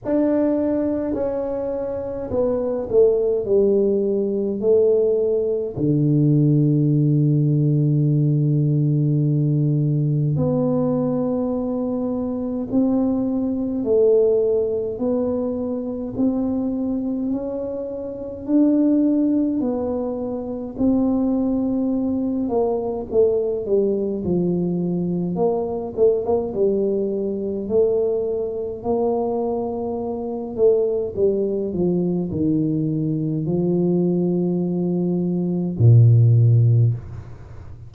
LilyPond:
\new Staff \with { instrumentName = "tuba" } { \time 4/4 \tempo 4 = 52 d'4 cis'4 b8 a8 g4 | a4 d2.~ | d4 b2 c'4 | a4 b4 c'4 cis'4 |
d'4 b4 c'4. ais8 | a8 g8 f4 ais8 a16 ais16 g4 | a4 ais4. a8 g8 f8 | dis4 f2 ais,4 | }